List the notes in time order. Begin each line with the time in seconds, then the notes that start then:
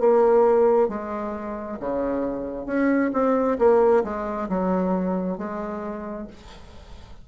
0.00 A#3
0.89 G#3
1.80 C#3
2.66 C#4
3.13 C4
3.59 A#3
4.04 G#3
4.49 F#3
5.38 G#3